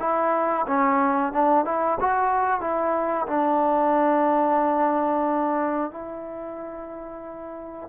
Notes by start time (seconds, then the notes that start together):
0.00 E4
0.67 C#4
1.33 D4
1.65 E4
2.00 F#4
2.61 E4
3.27 D4
5.91 E4